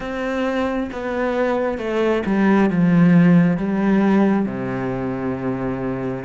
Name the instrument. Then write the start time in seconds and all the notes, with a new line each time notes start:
cello
0.00 C4
0.92 B3
1.77 A3
2.26 G3
2.69 F3
3.57 G3
4.45 C3